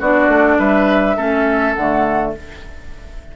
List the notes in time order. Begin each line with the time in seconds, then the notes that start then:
0.00 B3 D4 F#4 D5
0.28 A3
0.59 G3 B4 E5
1.17 A3 C#4 A4
1.74 D3 A3 F#5